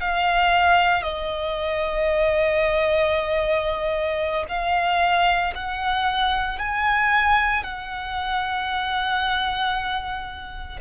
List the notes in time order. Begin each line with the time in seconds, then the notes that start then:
0.00 F5
1.03 D#5
4.48 F5
5.55 F#5
6.58 G#5
7.64 F#5